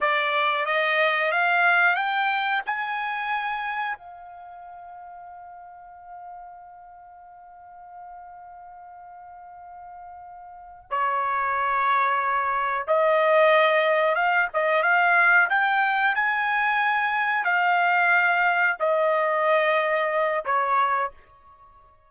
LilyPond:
\new Staff \with { instrumentName = "trumpet" } { \time 4/4 \tempo 4 = 91 d''4 dis''4 f''4 g''4 | gis''2 f''2~ | f''1~ | f''1~ |
f''8 cis''2. dis''8~ | dis''4. f''8 dis''8 f''4 g''8~ | g''8 gis''2 f''4.~ | f''8 dis''2~ dis''8 cis''4 | }